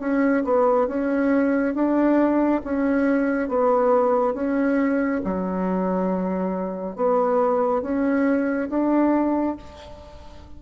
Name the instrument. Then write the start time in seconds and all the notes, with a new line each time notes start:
bassoon
0.00 C#4
0.44 B3
0.88 C#4
1.75 D4
2.64 C#4
3.49 B3
4.34 C#4
5.24 F#3
6.96 B3
7.82 C#4
8.69 D4